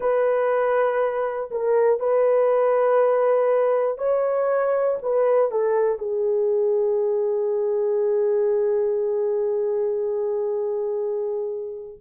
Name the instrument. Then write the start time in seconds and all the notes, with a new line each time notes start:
horn
0.00 B4
1.50 A#4
2.00 B4
3.98 C#5
5.02 B4
5.51 A4
5.98 G#4